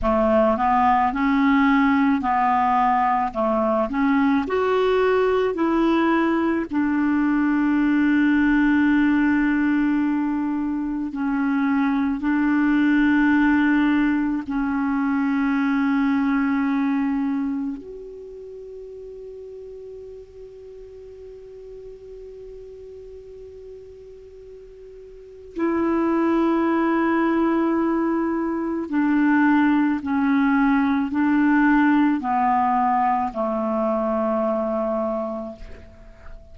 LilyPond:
\new Staff \with { instrumentName = "clarinet" } { \time 4/4 \tempo 4 = 54 a8 b8 cis'4 b4 a8 cis'8 | fis'4 e'4 d'2~ | d'2 cis'4 d'4~ | d'4 cis'2. |
fis'1~ | fis'2. e'4~ | e'2 d'4 cis'4 | d'4 b4 a2 | }